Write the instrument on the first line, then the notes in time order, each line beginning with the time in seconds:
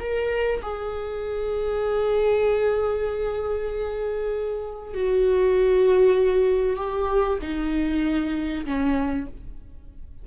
viola
0.00 A#4
0.62 G#4
4.94 F#4
6.77 G4
7.41 D#4
8.65 C#4